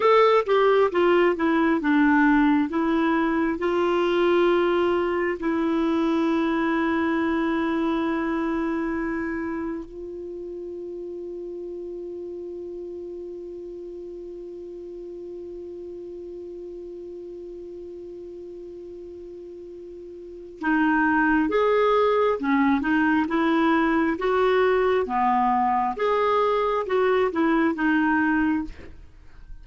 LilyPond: \new Staff \with { instrumentName = "clarinet" } { \time 4/4 \tempo 4 = 67 a'8 g'8 f'8 e'8 d'4 e'4 | f'2 e'2~ | e'2. f'4~ | f'1~ |
f'1~ | f'2. dis'4 | gis'4 cis'8 dis'8 e'4 fis'4 | b4 gis'4 fis'8 e'8 dis'4 | }